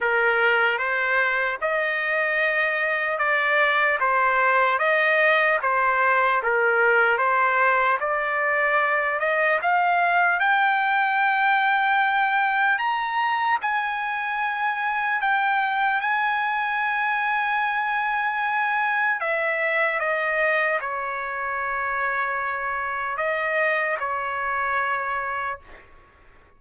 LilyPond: \new Staff \with { instrumentName = "trumpet" } { \time 4/4 \tempo 4 = 75 ais'4 c''4 dis''2 | d''4 c''4 dis''4 c''4 | ais'4 c''4 d''4. dis''8 | f''4 g''2. |
ais''4 gis''2 g''4 | gis''1 | e''4 dis''4 cis''2~ | cis''4 dis''4 cis''2 | }